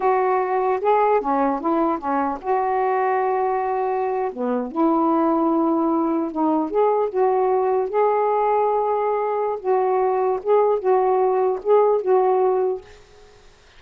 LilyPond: \new Staff \with { instrumentName = "saxophone" } { \time 4/4 \tempo 4 = 150 fis'2 gis'4 cis'4 | e'4 cis'4 fis'2~ | fis'2~ fis'8. b4 e'16~ | e'2.~ e'8. dis'16~ |
dis'8. gis'4 fis'2 gis'16~ | gis'1 | fis'2 gis'4 fis'4~ | fis'4 gis'4 fis'2 | }